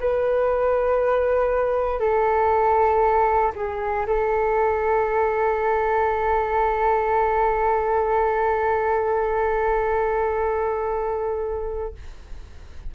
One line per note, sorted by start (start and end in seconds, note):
0.00 2.00 B4
2.00 3.52 A4
3.55 4.06 G#4
4.06 11.94 A4